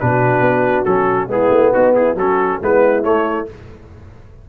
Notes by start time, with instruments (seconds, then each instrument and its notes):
0.00 tuba B2, trombone D4, horn F#4, trumpet B4
0.41 tuba B3
0.85 tuba F#3, trombone C#4, trumpet A4
1.28 tuba G#3, trombone B3, horn E4, trumpet G#4
1.51 tuba A3
1.73 tuba B3, horn D#4, trumpet F#4
1.95 horn E4, trumpet G#4
2.15 tuba F#3, trombone C#4, horn F#4, trumpet A4
2.62 tuba G#3, trombone B3, horn E4, trumpet B4
3.03 trombone A3, tuba A3, trumpet C#5